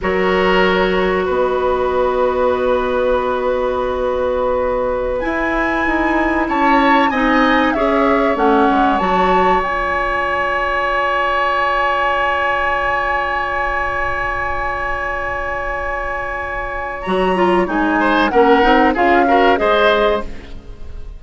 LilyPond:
<<
  \new Staff \with { instrumentName = "flute" } { \time 4/4 \tempo 4 = 95 cis''2 dis''2~ | dis''1~ | dis''16 gis''2 a''4 gis''8.~ | gis''16 e''4 fis''4 a''4 gis''8.~ |
gis''1~ | gis''1~ | gis''2. ais''4 | gis''4 fis''4 f''4 dis''4 | }
  \new Staff \with { instrumentName = "oboe" } { \time 4/4 ais'2 b'2~ | b'1~ | b'2~ b'16 cis''4 dis''8.~ | dis''16 cis''2.~ cis''8.~ |
cis''1~ | cis''1~ | cis''1~ | cis''8 c''8 ais'4 gis'8 ais'8 c''4 | }
  \new Staff \with { instrumentName = "clarinet" } { \time 4/4 fis'1~ | fis'1~ | fis'16 e'2. dis'8.~ | dis'16 gis'4 cis'4 fis'4 f'8.~ |
f'1~ | f'1~ | f'2. fis'8 f'8 | dis'4 cis'8 dis'8 f'8 fis'8 gis'4 | }
  \new Staff \with { instrumentName = "bassoon" } { \time 4/4 fis2 b2~ | b1~ | b16 e'4 dis'4 cis'4 c'8.~ | c'16 cis'4 a8 gis8 fis4 cis'8.~ |
cis'1~ | cis'1~ | cis'2. fis4 | gis4 ais8 c'8 cis'4 gis4 | }
>>